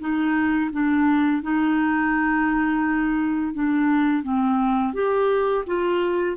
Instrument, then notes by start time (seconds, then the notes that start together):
clarinet
0.00 D#4
0.72 D4
1.42 D#4
3.54 D4
4.23 C4
4.94 G4
5.67 F4